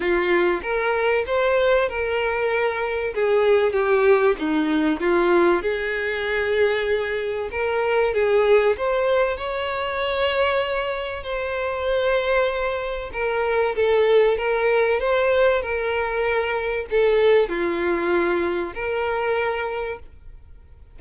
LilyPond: \new Staff \with { instrumentName = "violin" } { \time 4/4 \tempo 4 = 96 f'4 ais'4 c''4 ais'4~ | ais'4 gis'4 g'4 dis'4 | f'4 gis'2. | ais'4 gis'4 c''4 cis''4~ |
cis''2 c''2~ | c''4 ais'4 a'4 ais'4 | c''4 ais'2 a'4 | f'2 ais'2 | }